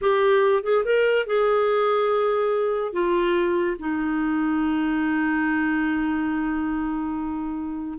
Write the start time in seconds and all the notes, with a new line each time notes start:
0.01 G4
0.63 G#4
0.84 A#4
1.26 G#4
2.92 F4
3.79 D#4